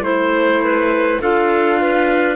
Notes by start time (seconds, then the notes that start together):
0.00 A3 E4 C5
0.63 B4
1.21 D4 F4 A4 F5
1.81 B4